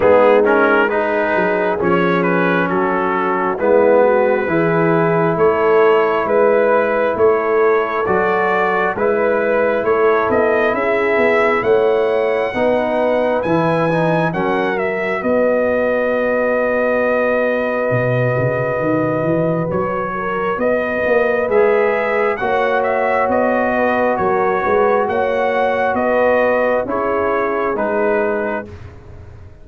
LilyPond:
<<
  \new Staff \with { instrumentName = "trumpet" } { \time 4/4 \tempo 4 = 67 gis'8 ais'8 b'4 cis''8 b'8 a'4 | b'2 cis''4 b'4 | cis''4 d''4 b'4 cis''8 dis''8 | e''4 fis''2 gis''4 |
fis''8 e''8 dis''2.~ | dis''2 cis''4 dis''4 | e''4 fis''8 e''8 dis''4 cis''4 | fis''4 dis''4 cis''4 b'4 | }
  \new Staff \with { instrumentName = "horn" } { \time 4/4 dis'4 gis'2 fis'4 | e'8 fis'8 gis'4 a'4 b'4 | a'2 b'4 a'4 | gis'4 cis''4 b'2 |
ais'4 b'2.~ | b'2~ b'8 ais'8 b'4~ | b'4 cis''4. b'8 ais'8 b'8 | cis''4 b'4 gis'2 | }
  \new Staff \with { instrumentName = "trombone" } { \time 4/4 b8 cis'8 dis'4 cis'2 | b4 e'2.~ | e'4 fis'4 e'2~ | e'2 dis'4 e'8 dis'8 |
cis'8 fis'2.~ fis'8~ | fis'1 | gis'4 fis'2.~ | fis'2 e'4 dis'4 | }
  \new Staff \with { instrumentName = "tuba" } { \time 4/4 gis4. fis8 f4 fis4 | gis4 e4 a4 gis4 | a4 fis4 gis4 a8 b8 | cis'8 b8 a4 b4 e4 |
fis4 b2. | b,8 cis8 dis8 e8 fis4 b8 ais8 | gis4 ais4 b4 fis8 gis8 | ais4 b4 cis'4 gis4 | }
>>